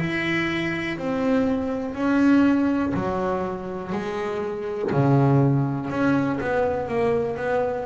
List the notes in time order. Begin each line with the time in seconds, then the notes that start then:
0.00 E4
0.97 C4
1.95 C#4
2.94 F#3
3.93 G#3
4.92 C#3
5.90 C#4
6.41 B3
6.88 A#3
7.37 B3